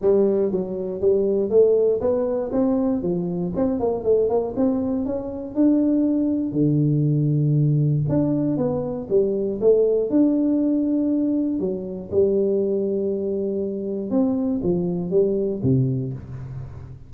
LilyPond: \new Staff \with { instrumentName = "tuba" } { \time 4/4 \tempo 4 = 119 g4 fis4 g4 a4 | b4 c'4 f4 c'8 ais8 | a8 ais8 c'4 cis'4 d'4~ | d'4 d2. |
d'4 b4 g4 a4 | d'2. fis4 | g1 | c'4 f4 g4 c4 | }